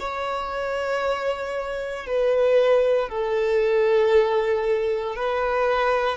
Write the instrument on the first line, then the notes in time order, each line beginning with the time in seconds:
violin
0.00 C#5
2.06 B4
3.09 A4
5.16 B4